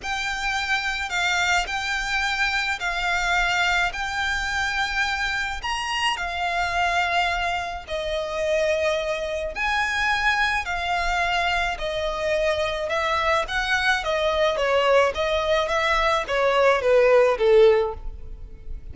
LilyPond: \new Staff \with { instrumentName = "violin" } { \time 4/4 \tempo 4 = 107 g''2 f''4 g''4~ | g''4 f''2 g''4~ | g''2 ais''4 f''4~ | f''2 dis''2~ |
dis''4 gis''2 f''4~ | f''4 dis''2 e''4 | fis''4 dis''4 cis''4 dis''4 | e''4 cis''4 b'4 a'4 | }